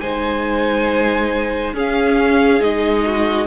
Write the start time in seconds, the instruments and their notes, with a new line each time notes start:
0.00 cello G#3, viola D#4, violin C5 G#5
1.73 cello C#4, viola C#4, violin G#4 F5
2.60 cello G#3, viola D#4, violin D#5
3.06 violin F#4